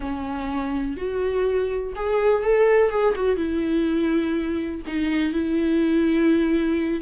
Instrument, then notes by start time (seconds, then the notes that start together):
viola
0.00 C#4
0.96 F#4
1.95 G#4
2.43 A4
2.89 G#4
3.15 F#4
3.36 E4
4.86 D#4
5.32 E4